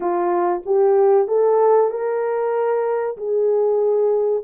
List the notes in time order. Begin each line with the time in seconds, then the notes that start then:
0.00 F4
0.65 G4
1.27 A4
1.90 A#4
3.17 G#4